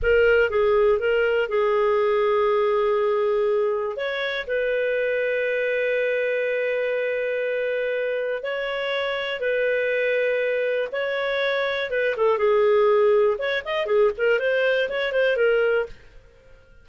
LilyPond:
\new Staff \with { instrumentName = "clarinet" } { \time 4/4 \tempo 4 = 121 ais'4 gis'4 ais'4 gis'4~ | gis'1 | cis''4 b'2.~ | b'1~ |
b'4 cis''2 b'4~ | b'2 cis''2 | b'8 a'8 gis'2 cis''8 dis''8 | gis'8 ais'8 c''4 cis''8 c''8 ais'4 | }